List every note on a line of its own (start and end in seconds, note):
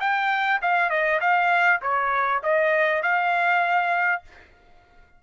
0.00 0.60 G5
0.62 0.90 F5
0.90 1.20 D#5
1.21 1.81 F5
1.82 2.42 C#5
2.43 3.03 D#5
3.03 4.23 F5